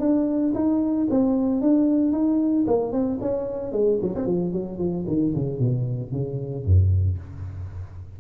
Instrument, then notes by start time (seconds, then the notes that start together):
tuba
0.00 D4
0.55 D#4
1.11 C4
1.61 D4
2.13 D#4
2.67 A#3
2.92 C4
3.21 C#4
3.72 G#3
4.02 F#3
4.16 C4
4.26 F3
4.53 F#3
4.79 F3
5.08 D#3
5.35 C#3
5.60 B2
6.12 C#3
6.65 F#2